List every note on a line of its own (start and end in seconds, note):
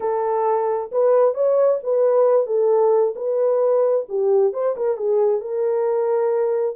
0.00 0.90 A4
0.91 1.34 B4
1.34 1.79 C#5
1.83 2.46 B4
2.46 3.14 A4
3.15 4.05 B4
4.08 4.53 G4
4.53 4.75 C5
4.76 4.97 A#4
4.97 5.40 G#4
5.40 6.75 A#4